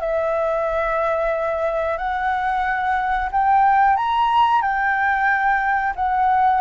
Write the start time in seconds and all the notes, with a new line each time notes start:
0.00 E5
1.98 F#5
3.31 G5
3.96 A#5
4.62 G5
5.95 F#5